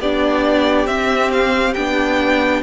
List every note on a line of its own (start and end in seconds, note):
0.00 0.87 B3
0.00 0.87 D4
0.00 2.63 G4
0.00 0.87 D5
0.87 1.75 C4
0.87 1.32 E5
1.32 1.74 F5
1.74 2.63 B3
1.74 2.63 D4
1.74 2.62 G5